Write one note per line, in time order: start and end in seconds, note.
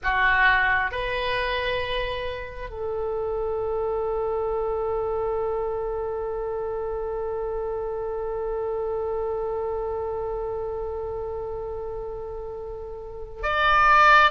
0.03 0.91 F#4
0.91 2.70 B4
2.70 13.42 A4
13.42 14.31 D5